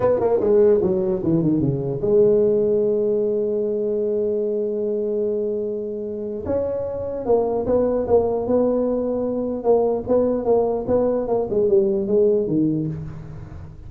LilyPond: \new Staff \with { instrumentName = "tuba" } { \time 4/4 \tempo 4 = 149 b8 ais8 gis4 fis4 e8 dis8 | cis4 gis2.~ | gis1~ | gis1 |
cis'2 ais4 b4 | ais4 b2. | ais4 b4 ais4 b4 | ais8 gis8 g4 gis4 dis4 | }